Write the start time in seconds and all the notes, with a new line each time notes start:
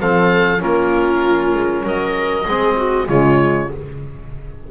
0.00 F3 C4 A4 F5
0.58 A#3 C#4 F4 A#4
1.54 G#3
1.84 F#3 A#4 D#5
2.46 G#3 C4 G#4
2.77 F#4
3.08 C#3 G#3 F4 C#5